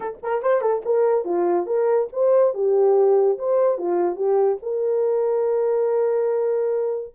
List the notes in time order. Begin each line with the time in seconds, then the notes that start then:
0.00 A4
0.22 A#4
0.42 C5
0.61 A4
0.85 A#4
1.25 F4
1.66 A#4
2.12 C5
2.53 G4
3.38 C5
3.78 F4
4.15 G4
4.62 A#4